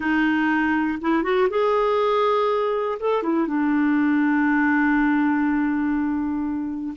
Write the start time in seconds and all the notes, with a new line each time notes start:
0.00 D#4
1.01 E4
1.23 F#4
1.49 G#4
2.99 A4
3.23 E4
3.47 D4